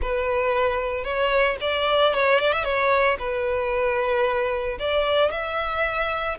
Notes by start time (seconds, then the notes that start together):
0.01 B4
1.04 C#5
1.60 D5
2.14 C#5
2.39 D5
2.52 E5
2.64 C#5
3.19 B4
4.79 D5
5.31 E5